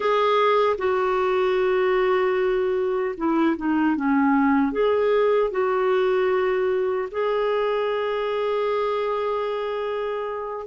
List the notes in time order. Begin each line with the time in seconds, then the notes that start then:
0.00 G#4
0.78 F#4
3.17 E4
3.56 D#4
3.96 C#4
4.72 G#4
5.50 F#4
7.11 G#4